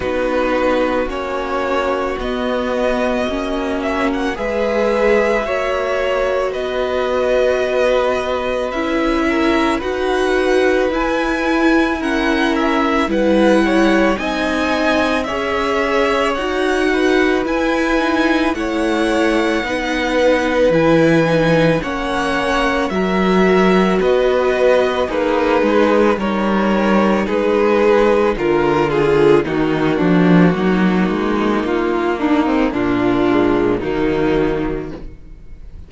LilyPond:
<<
  \new Staff \with { instrumentName = "violin" } { \time 4/4 \tempo 4 = 55 b'4 cis''4 dis''4. e''16 fis''16 | e''2 dis''2 | e''4 fis''4 gis''4 fis''8 e''8 | fis''4 gis''4 e''4 fis''4 |
gis''4 fis''2 gis''4 | fis''4 e''4 dis''4 b'4 | cis''4 b'4 ais'8 gis'8 fis'4~ | fis'4 f'8 dis'8 f'4 dis'4 | }
  \new Staff \with { instrumentName = "violin" } { \time 4/4 fis'1 | b'4 cis''4 b'2~ | b'8 ais'8 b'2 ais'4 | b'8 cis''8 dis''4 cis''4. b'8~ |
b'4 cis''4 b'2 | cis''4 ais'4 b'4 dis'4 | ais'4 gis'4 f'4 dis'8 d'8 | dis'4. d'16 c'16 d'4 ais4 | }
  \new Staff \with { instrumentName = "viola" } { \time 4/4 dis'4 cis'4 b4 cis'4 | gis'4 fis'2. | e'4 fis'4 e'4 cis'4 | e'4 dis'4 gis'4 fis'4 |
e'8 dis'8 e'4 dis'4 e'8 dis'8 | cis'4 fis'2 gis'4 | dis'2 f'4 ais4~ | ais2~ ais8 gis8 fis4 | }
  \new Staff \with { instrumentName = "cello" } { \time 4/4 b4 ais4 b4 ais4 | gis4 ais4 b2 | cis'4 dis'4 e'2 | g4 c'4 cis'4 dis'4 |
e'4 a4 b4 e4 | ais4 fis4 b4 ais8 gis8 | g4 gis4 d4 dis8 f8 | fis8 gis8 ais4 ais,4 dis4 | }
>>